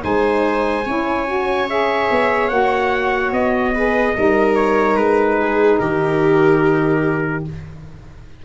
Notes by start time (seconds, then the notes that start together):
0.00 G#3 D#4 C5 G#5
0.85 C#4 E4 C#5
1.26 F#4
1.68 G#4 E5
2.10 B3
2.48 A#3 F#4 F#5
3.32 B3 D#5
3.74 G#4 B4
4.15 G3 D#4 A#4
4.55 C#5
4.96 G#3 B4
5.41 G#4
5.79 D#3 G4 A#4